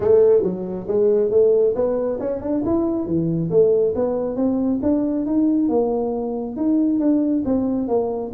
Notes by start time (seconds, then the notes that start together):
0.00 A3
0.43 F#3
0.87 G#3
1.30 A3
1.75 B3
2.20 C#4
2.41 D4
2.65 E4
3.06 E3
3.50 A3
3.95 B3
4.36 C4
4.82 D4
5.26 D#4
5.68 A#3
6.56 D#4
6.99 D4
7.45 C4
7.88 A#3